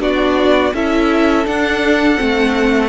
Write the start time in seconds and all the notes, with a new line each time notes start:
0.00 B3 D4 F#4 D5
0.74 C#4 E4 A4 E5
1.45 D4 F#5
2.17 A3 C4